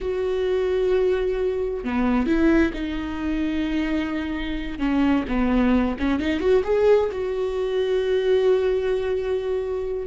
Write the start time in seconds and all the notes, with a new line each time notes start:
0.00 F#4
1.84 B3
2.26 E4
2.73 D#4
4.78 C#4
5.28 B3
5.99 C#4
6.19 D#4
6.40 F#4
6.64 G#4
7.11 F#4